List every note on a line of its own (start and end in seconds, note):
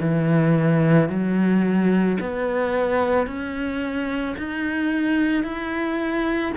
0.00 1.09 E3
1.09 2.18 F#3
2.20 3.26 B3
3.26 4.35 C#4
4.37 5.43 D#4
5.43 6.52 E4